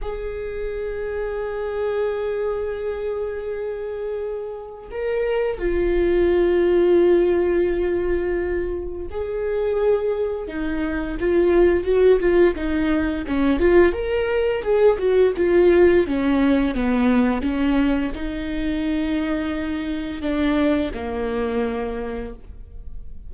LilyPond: \new Staff \with { instrumentName = "viola" } { \time 4/4 \tempo 4 = 86 gis'1~ | gis'2. ais'4 | f'1~ | f'4 gis'2 dis'4 |
f'4 fis'8 f'8 dis'4 cis'8 f'8 | ais'4 gis'8 fis'8 f'4 cis'4 | b4 cis'4 dis'2~ | dis'4 d'4 ais2 | }